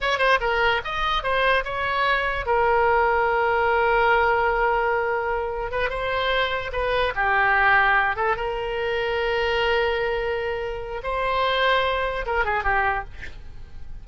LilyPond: \new Staff \with { instrumentName = "oboe" } { \time 4/4 \tempo 4 = 147 cis''8 c''8 ais'4 dis''4 c''4 | cis''2 ais'2~ | ais'1~ | ais'2 b'8 c''4.~ |
c''8 b'4 g'2~ g'8 | a'8 ais'2.~ ais'8~ | ais'2. c''4~ | c''2 ais'8 gis'8 g'4 | }